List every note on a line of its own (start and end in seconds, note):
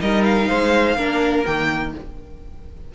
0.00 0.49 G3
0.00 0.97 D#4
0.00 0.48 A#4
0.00 0.24 D#5
0.24 1.44 F5
0.48 0.96 G#3
0.48 0.96 C5
0.96 1.44 A#3
0.96 1.45 D4
0.96 1.92 A#4
1.45 1.94 D#3
1.45 1.94 A#3
1.45 1.93 G5